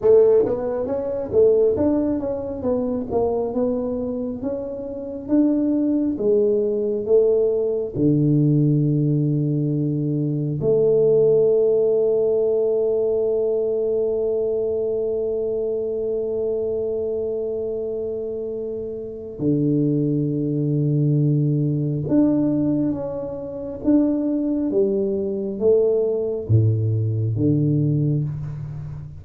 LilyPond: \new Staff \with { instrumentName = "tuba" } { \time 4/4 \tempo 4 = 68 a8 b8 cis'8 a8 d'8 cis'8 b8 ais8 | b4 cis'4 d'4 gis4 | a4 d2. | a1~ |
a1~ | a2 d2~ | d4 d'4 cis'4 d'4 | g4 a4 a,4 d4 | }